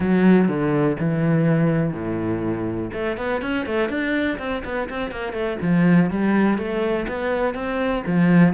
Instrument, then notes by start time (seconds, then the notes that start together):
cello
0.00 F#3
0.48 D3
0.99 E3
1.93 A2
2.93 A3
3.17 B3
3.41 C#4
3.65 A3
3.89 D4
4.38 C4
4.64 B3
4.89 C4
5.11 A#3
5.32 A3
5.61 F3
6.10 G3
6.57 A3
7.08 B3
7.54 C4
8.06 F3